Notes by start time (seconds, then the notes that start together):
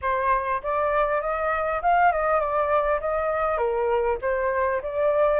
0.01 C5
0.62 D5
1.21 D#5
1.82 F5
2.12 D#5
2.40 D5
3.00 D#5
3.57 A#4
4.21 C5
4.82 D5